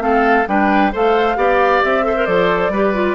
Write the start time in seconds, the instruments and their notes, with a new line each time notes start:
0.00 bassoon A3, clarinet C4, oboe A4, flute F5
0.48 bassoon G3, clarinet D4, oboe B4, flute G5
0.93 bassoon A3, clarinet A4, oboe C5, flute F5
1.36 bassoon B3, clarinet G4, oboe D5
1.84 bassoon C4, flute E5
2.03 clarinet A4, oboe C5
2.16 clarinet A#4
2.26 bassoon F3, clarinet A4, flute D5
2.70 bassoon G3, clarinet G4, oboe B4
2.94 clarinet F4